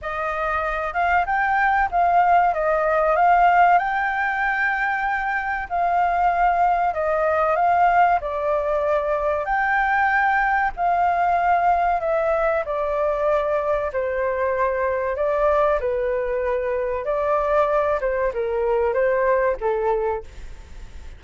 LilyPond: \new Staff \with { instrumentName = "flute" } { \time 4/4 \tempo 4 = 95 dis''4. f''8 g''4 f''4 | dis''4 f''4 g''2~ | g''4 f''2 dis''4 | f''4 d''2 g''4~ |
g''4 f''2 e''4 | d''2 c''2 | d''4 b'2 d''4~ | d''8 c''8 ais'4 c''4 a'4 | }